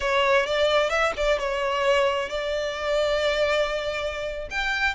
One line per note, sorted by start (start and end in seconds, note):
0.00 0.46 C#5
0.46 0.89 D5
0.89 1.12 E5
1.16 1.38 D5
1.38 2.29 C#5
2.29 4.48 D5
4.50 4.94 G5